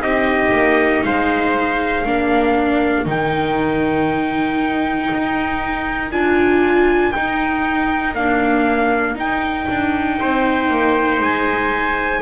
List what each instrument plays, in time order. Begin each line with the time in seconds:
0.00 double bass C4, viola D#4, trumpet G4 D#5
0.52 double bass A#3
1.04 double bass G#3, trumpet C5 F5
2.05 double bass A#3, viola D4, trumpet A#4
3.05 double bass D#3, viola D#4, trumpet G5
5.14 double bass D#4
6.11 double bass D4, viola F4, trumpet G#5
7.12 viola D#4, double bass D#4, trumpet G5
8.15 viola A#3, double bass D4, trumpet F5
9.15 double bass D#4, viola D#4, trumpet G5
9.69 double bass D4
10.20 double bass C4, trumpet C5
10.70 double bass A#3
11.20 double bass G#3, trumpet G#5